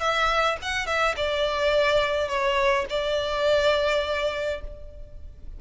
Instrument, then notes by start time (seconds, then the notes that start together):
violin
0.00 E5
0.62 F#5
0.86 E5
1.17 D5
2.29 C#5
2.90 D5